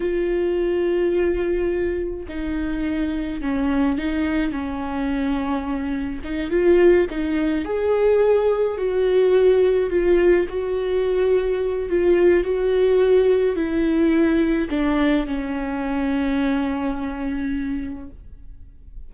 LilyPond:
\new Staff \with { instrumentName = "viola" } { \time 4/4 \tempo 4 = 106 f'1 | dis'2 cis'4 dis'4 | cis'2. dis'8 f'8~ | f'8 dis'4 gis'2 fis'8~ |
fis'4. f'4 fis'4.~ | fis'4 f'4 fis'2 | e'2 d'4 cis'4~ | cis'1 | }